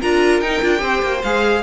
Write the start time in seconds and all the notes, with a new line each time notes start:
0.00 D4 F4 A#4 A#5
0.40 D#4 G5
0.62 D4 F4
0.78 C4 G4 C5
1.02 A#3
1.24 G#3 G#4 F5